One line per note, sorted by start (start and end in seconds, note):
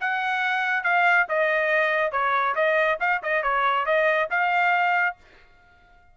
0.00 0.83 F#5
0.83 1.26 F5
1.29 2.12 D#5
2.12 2.55 C#5
2.55 2.98 D#5
3.00 3.21 F5
3.23 3.42 D#5
3.42 3.85 C#5
3.85 4.29 D#5
4.30 5.16 F5